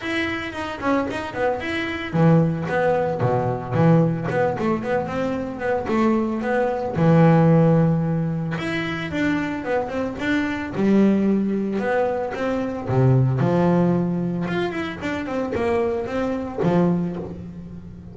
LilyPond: \new Staff \with { instrumentName = "double bass" } { \time 4/4 \tempo 4 = 112 e'4 dis'8 cis'8 dis'8 b8 e'4 | e4 b4 b,4 e4 | b8 a8 b8 c'4 b8 a4 | b4 e2. |
e'4 d'4 b8 c'8 d'4 | g2 b4 c'4 | c4 f2 f'8 e'8 | d'8 c'8 ais4 c'4 f4 | }